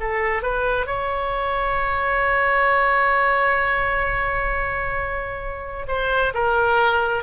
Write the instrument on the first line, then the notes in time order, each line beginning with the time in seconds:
oboe
0.00 A4
0.43 B4
0.86 C#5
5.88 C5
6.34 A#4